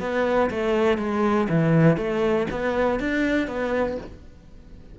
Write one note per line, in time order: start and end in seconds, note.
0.00 0.50 B3
0.50 0.98 A3
0.98 1.48 G#3
1.50 1.97 E3
1.97 2.47 A3
2.50 3.00 B3
3.00 3.48 D4
3.48 3.98 B3